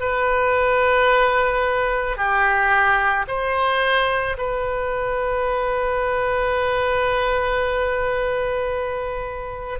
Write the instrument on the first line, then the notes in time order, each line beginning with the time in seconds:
oboe
0.00 B4
2.17 G4
3.27 C5
4.38 B4